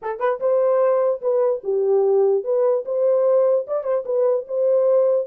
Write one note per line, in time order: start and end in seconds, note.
0.01 0.19 A4
0.19 0.39 B4
0.40 1.21 C5
1.21 1.62 B4
1.63 2.43 G4
2.43 2.84 B4
2.85 3.66 C5
3.67 3.83 D5
3.83 4.04 C5
4.05 4.45 B4
4.47 5.27 C5